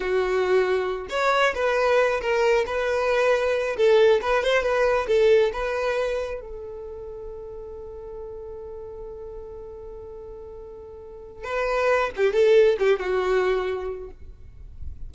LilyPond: \new Staff \with { instrumentName = "violin" } { \time 4/4 \tempo 4 = 136 fis'2~ fis'8 cis''4 b'8~ | b'4 ais'4 b'2~ | b'8 a'4 b'8 c''8 b'4 a'8~ | a'8 b'2 a'4.~ |
a'1~ | a'1~ | a'2 b'4. g'8 | a'4 g'8 fis'2~ fis'8 | }